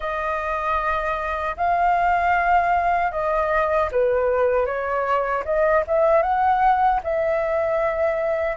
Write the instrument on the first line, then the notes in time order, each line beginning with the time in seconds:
flute
0.00 D#5
1.56 F5
3.11 D#5
3.91 B4
4.65 C#5
5.44 D#5
5.87 E5
6.22 F#5
7.03 E5